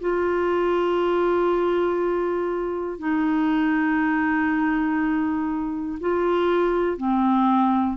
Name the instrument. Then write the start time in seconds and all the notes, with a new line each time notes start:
clarinet
0.00 F4
2.99 D#4
6.00 F4
6.97 C4